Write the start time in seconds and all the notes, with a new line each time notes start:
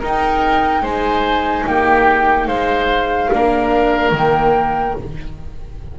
0.00 D#4 A#4 G5
0.82 G#3 C5 G#5
1.67 A#3 G4 G5
2.48 G#3 C5 F5
3.32 A#3 D4 A#4
4.12 D#3 A#3 G5